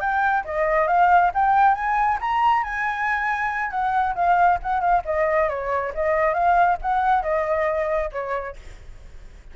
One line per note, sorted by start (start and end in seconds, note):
0.00 0.44 G5
0.45 0.87 D#5
0.87 1.31 F5
1.34 1.75 G5
1.75 2.18 G#5
2.20 2.64 A#5
2.64 3.71 G#5
3.71 4.14 F#5
4.15 4.59 F5
4.62 4.80 F#5
4.80 5.02 F5
5.05 5.49 D#5
5.49 5.93 C#5
5.95 6.34 D#5
6.34 6.77 F5
6.82 7.23 F#5
7.23 8.10 D#5
8.12 8.56 C#5